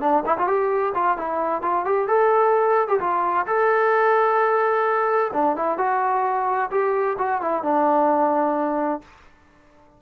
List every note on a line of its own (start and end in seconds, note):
0.00 0.23 D4
0.26 0.37 E4
0.38 0.47 F4
0.47 0.93 G4
0.94 1.17 F4
1.17 1.62 E4
1.62 1.85 F4
1.85 2.08 G4
2.08 2.87 A4
2.87 2.99 G4
3.00 3.46 F4
3.46 5.31 A4
5.33 5.56 D4
5.56 5.77 E4
5.77 6.70 F#4
6.71 7.17 G4
7.18 7.41 F#4
7.41 7.63 E4
7.63 9.01 D4